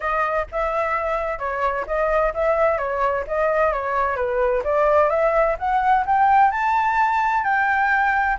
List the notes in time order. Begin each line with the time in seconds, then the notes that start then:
0.00 D#5
0.51 E5
1.38 C#5
1.86 D#5
2.33 E5
2.77 C#5
3.27 D#5
3.73 C#5
4.16 B4
4.64 D5
5.09 E5
5.58 F#5
6.06 G5
6.51 A5
7.44 G5